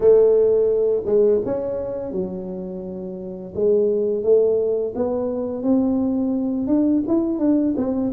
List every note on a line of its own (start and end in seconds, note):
0.00 1.03 A3
1.05 1.41 G#3
1.45 2.12 C#4
2.12 3.53 F#3
3.54 4.23 G#3
4.23 4.93 A3
4.95 5.62 B3
5.62 6.67 C4
6.67 7.02 D4
7.07 7.39 E4
7.39 7.74 D4
7.76 8.12 C4